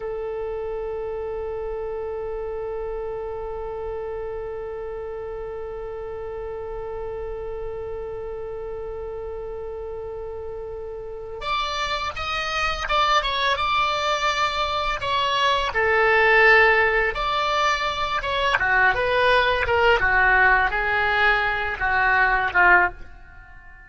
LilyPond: \new Staff \with { instrumentName = "oboe" } { \time 4/4 \tempo 4 = 84 a'1~ | a'1~ | a'1~ | a'1 |
d''4 dis''4 d''8 cis''8 d''4~ | d''4 cis''4 a'2 | d''4. cis''8 fis'8 b'4 ais'8 | fis'4 gis'4. fis'4 f'8 | }